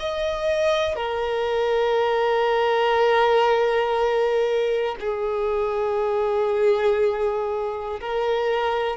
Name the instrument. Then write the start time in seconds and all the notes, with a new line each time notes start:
violin
0.00 D#5
0.96 A#4
5.00 G#4
8.01 A#4